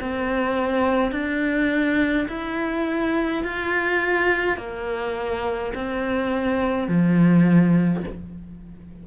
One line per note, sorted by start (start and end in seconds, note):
0.00 1.12 C4
1.12 2.27 D4
2.28 3.44 E4
3.44 4.57 F4
4.57 5.73 A#3
5.74 6.88 C4
6.88 8.03 F3